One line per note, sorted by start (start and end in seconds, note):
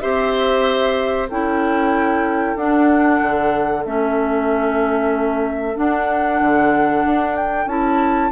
0.00 1.30 C4
0.00 1.29 G4
0.00 1.29 C5
0.00 1.28 E5
1.29 2.56 C#4
1.29 2.57 E4
1.29 8.31 A4
1.29 2.57 G5
2.56 3.20 D4
2.56 3.85 D4
2.56 3.84 F#5
3.22 3.86 D3
3.86 5.77 A3
3.86 5.75 C#4
3.86 5.77 E5
5.75 7.66 D4
5.75 6.41 D4
5.75 7.36 F#5
6.41 7.05 D3
7.06 7.67 D4
7.36 7.68 G5
7.67 8.30 C#4
7.67 8.32 E4
7.67 8.32 A5